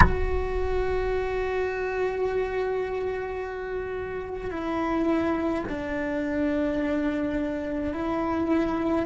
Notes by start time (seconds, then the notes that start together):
0.00 F#4
4.50 E4
5.69 D4
7.92 E4